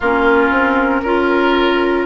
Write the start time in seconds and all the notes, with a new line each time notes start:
0.00 A#3 C#4 F4 A#4
0.50 C4
1.03 C#4 F4 A#4